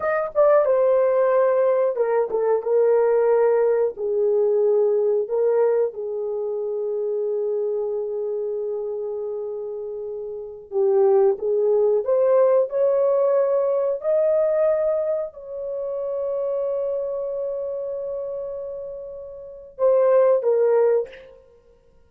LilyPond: \new Staff \with { instrumentName = "horn" } { \time 4/4 \tempo 4 = 91 dis''8 d''8 c''2 ais'8 a'8 | ais'2 gis'2 | ais'4 gis'2.~ | gis'1~ |
gis'16 g'4 gis'4 c''4 cis''8.~ | cis''4~ cis''16 dis''2 cis''8.~ | cis''1~ | cis''2 c''4 ais'4 | }